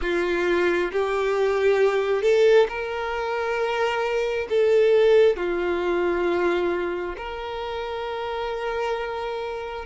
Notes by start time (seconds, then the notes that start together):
0.01 F4
0.92 G4
2.21 A4
2.68 A#4
4.49 A4
5.36 F4
7.17 A#4